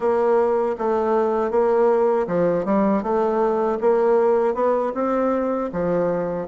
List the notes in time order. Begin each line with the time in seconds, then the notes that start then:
0.00 A#3
0.78 A3
1.50 A#3
2.27 F3
2.65 G3
3.02 A3
3.80 A#3
4.54 B3
4.94 C4
5.72 F3